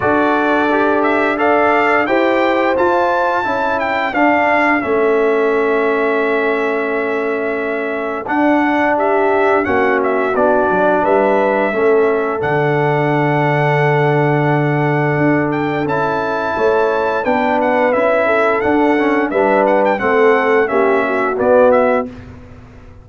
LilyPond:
<<
  \new Staff \with { instrumentName = "trumpet" } { \time 4/4 \tempo 4 = 87 d''4. e''8 f''4 g''4 | a''4. g''8 f''4 e''4~ | e''1 | fis''4 e''4 fis''8 e''8 d''4 |
e''2 fis''2~ | fis''2~ fis''8 g''8 a''4~ | a''4 g''8 fis''8 e''4 fis''4 | e''8 fis''16 g''16 fis''4 e''4 d''8 e''8 | }
  \new Staff \with { instrumentName = "horn" } { \time 4/4 a'2 d''4 c''4~ | c''4 a'2.~ | a'1~ | a'4 g'4 fis'2 |
b'4 a'2.~ | a'1 | cis''4 b'4. a'4. | b'4 a'4 g'8 fis'4. | }
  \new Staff \with { instrumentName = "trombone" } { \time 4/4 fis'4 g'4 a'4 g'4 | f'4 e'4 d'4 cis'4~ | cis'1 | d'2 cis'4 d'4~ |
d'4 cis'4 d'2~ | d'2. e'4~ | e'4 d'4 e'4 d'8 cis'8 | d'4 c'4 cis'4 b4 | }
  \new Staff \with { instrumentName = "tuba" } { \time 4/4 d'2. e'4 | f'4 cis'4 d'4 a4~ | a1 | d'2 ais4 b8 fis8 |
g4 a4 d2~ | d2 d'4 cis'4 | a4 b4 cis'4 d'4 | g4 a4 ais4 b4 | }
>>